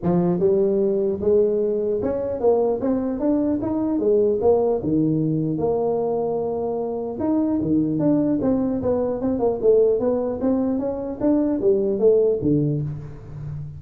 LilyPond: \new Staff \with { instrumentName = "tuba" } { \time 4/4 \tempo 4 = 150 f4 g2 gis4~ | gis4 cis'4 ais4 c'4 | d'4 dis'4 gis4 ais4 | dis2 ais2~ |
ais2 dis'4 dis4 | d'4 c'4 b4 c'8 ais8 | a4 b4 c'4 cis'4 | d'4 g4 a4 d4 | }